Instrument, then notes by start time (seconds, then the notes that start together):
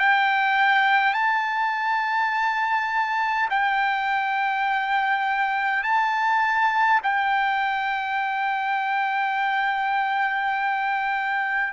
trumpet
0.00 G5
1.14 A5
3.50 G5
5.83 A5
7.04 G5